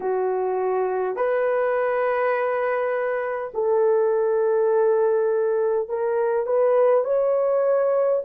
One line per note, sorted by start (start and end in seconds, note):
0.00 1.16 F#4
1.16 3.51 B4
3.53 5.88 A4
5.88 6.46 A#4
6.46 7.04 B4
7.04 8.22 C#5